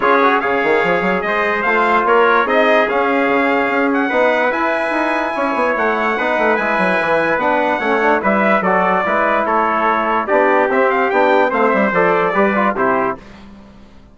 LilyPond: <<
  \new Staff \with { instrumentName = "trumpet" } { \time 4/4 \tempo 4 = 146 cis''4 f''2 dis''4 | f''4 cis''4 dis''4 f''4~ | f''4. fis''4. gis''4~ | gis''2 fis''2 |
gis''2 fis''2 | e''4 d''2 cis''4~ | cis''4 d''4 e''8 f''8 g''4 | f''8 e''8 d''2 c''4 | }
  \new Staff \with { instrumentName = "trumpet" } { \time 4/4 gis'4 cis''2 c''4~ | c''4 ais'4 gis'2~ | gis'2 b'2~ | b'4 cis''2 b'4~ |
b'2. cis''4 | b'4 a'4 b'4 a'4~ | a'4 g'2. | c''2 b'4 g'4 | }
  \new Staff \with { instrumentName = "trombone" } { \time 4/4 f'8 fis'8 gis'2. | f'2 dis'4 cis'4~ | cis'2 dis'4 e'4~ | e'2. dis'4 |
e'2 d'4 cis'8 d'8 | e'4 fis'4 e'2~ | e'4 d'4 c'4 d'4 | c'4 a'4 g'8 f'8 e'4 | }
  \new Staff \with { instrumentName = "bassoon" } { \time 4/4 cis'4 cis8 dis8 f8 fis8 gis4 | a4 ais4 c'4 cis'4 | cis4 cis'4 b4 e'4 | dis'4 cis'8 b8 a4 b8 a8 |
gis8 fis8 e4 b4 a4 | g4 fis4 gis4 a4~ | a4 b4 c'4 b4 | a8 g8 f4 g4 c4 | }
>>